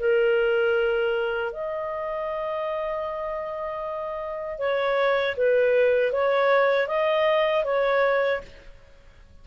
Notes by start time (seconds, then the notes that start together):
0.00 A#4
1.53 D#5
4.59 C#5
5.37 B4
6.13 C#5
6.88 D#5
7.65 C#5